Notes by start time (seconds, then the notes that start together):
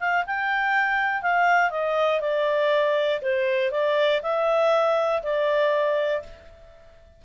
0.00 F5
0.27 G5
1.22 F5
1.71 D#5
2.20 D5
3.22 C5
3.71 D5
4.22 E5
5.23 D5